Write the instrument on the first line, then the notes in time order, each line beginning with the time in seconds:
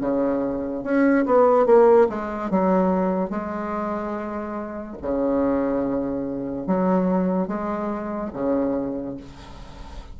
bassoon
0.00 C#3
0.83 C#4
1.25 B3
1.66 A#3
2.09 G#3
2.50 F#3
3.30 G#3
5.02 C#3
6.67 F#3
7.47 G#3
8.33 C#3